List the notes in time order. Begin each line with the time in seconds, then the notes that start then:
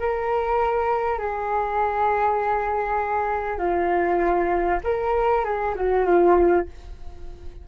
0.00 A#4
1.19 G#4
3.59 F4
4.84 A#4
5.45 G#4
5.76 F#4
6.06 F4